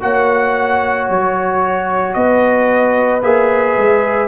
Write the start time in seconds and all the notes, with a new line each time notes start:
0.00 A#3 F#4 C#5 F#5
1.09 F#3 C#5
2.13 B3 B4 D#5
3.22 A#3 G#4 E5
3.77 G#3